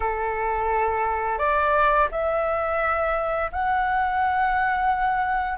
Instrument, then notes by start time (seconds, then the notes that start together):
flute
0.00 A4
1.38 D5
2.11 E5
3.52 F#5